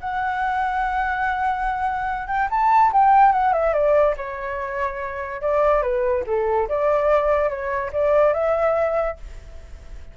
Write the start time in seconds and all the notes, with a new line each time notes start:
0.00 F#5
2.27 G5
2.50 A5
2.92 G5
3.32 F#5
3.53 E5
3.73 D5
4.16 C#5
5.41 D5
5.82 B4
6.26 A4
6.68 D5
7.49 C#5
7.93 D5
8.33 E5